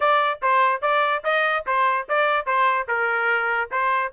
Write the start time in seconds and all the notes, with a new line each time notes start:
0.00 D5
0.42 C5
0.81 D5
1.23 D#5
1.66 C5
2.08 D5
2.46 C5
2.87 A#4
3.71 C5